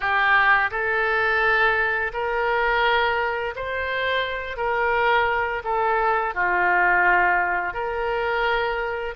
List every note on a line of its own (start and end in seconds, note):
0.00 0.70 G4
0.71 2.12 A4
2.13 3.54 A#4
3.55 4.56 C5
4.56 5.62 A#4
5.64 6.34 A4
6.34 7.73 F4
7.73 9.14 A#4